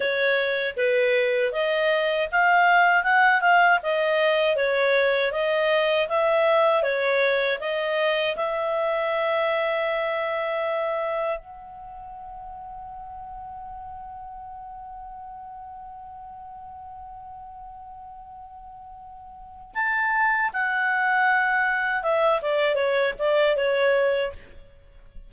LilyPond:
\new Staff \with { instrumentName = "clarinet" } { \time 4/4 \tempo 4 = 79 cis''4 b'4 dis''4 f''4 | fis''8 f''8 dis''4 cis''4 dis''4 | e''4 cis''4 dis''4 e''4~ | e''2. fis''4~ |
fis''1~ | fis''1~ | fis''2 a''4 fis''4~ | fis''4 e''8 d''8 cis''8 d''8 cis''4 | }